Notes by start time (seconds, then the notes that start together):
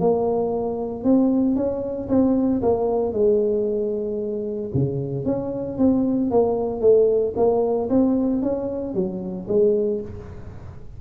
0.00 A#3
1.04 C4
1.56 C#4
2.09 C4
2.62 A#3
3.13 G#3
4.74 C#3
5.25 C#4
5.78 C4
6.31 A#3
6.81 A3
7.37 A#3
7.89 C4
8.42 C#4
8.94 F#3
9.48 G#3